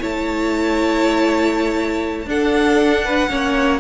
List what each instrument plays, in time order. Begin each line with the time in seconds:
0.00 cello A3, viola E4, violin C#5 A5
2.26 cello D4, viola D4, violin A4 F#5
3.05 violin B4
3.30 cello A#3, viola C#4, violin C#5